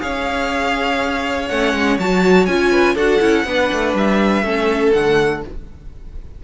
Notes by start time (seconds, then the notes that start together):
0.00 C#4 G#4 C#5 F5
1.48 A3 C#4 F#5
1.74 G#3
1.99 F#3 F#4 A5
2.46 C#4 F4 G#5
2.71 B4
2.95 D4 F#4 A4 F#5
3.20 C#4 E4
3.46 B3 D4 B4
3.72 A3
3.94 G3 E5
4.42 A3 C#4 A4
4.93 D3 A3 F#5